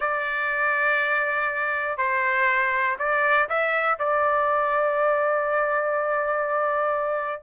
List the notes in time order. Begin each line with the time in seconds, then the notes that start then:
0.00 D5
1.97 C5
2.99 D5
3.49 E5
3.98 D5